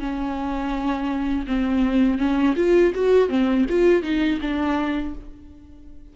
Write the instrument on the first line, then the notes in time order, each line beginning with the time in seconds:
viola
0.00 C#4
1.47 C4
2.19 C#4
2.57 F4
2.95 F#4
3.30 C4
3.70 F4
4.03 D#4
4.41 D4